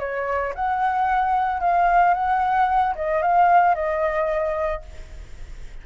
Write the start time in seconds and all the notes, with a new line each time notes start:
0.00 C#5
0.55 F#5
1.61 F5
2.15 F#5
2.96 D#5
3.23 F5
3.75 D#5